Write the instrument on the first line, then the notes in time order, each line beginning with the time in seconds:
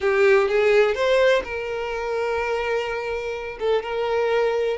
violin
0.00 G4
0.48 G#4
0.94 C5
1.44 A#4
3.59 A4
3.82 A#4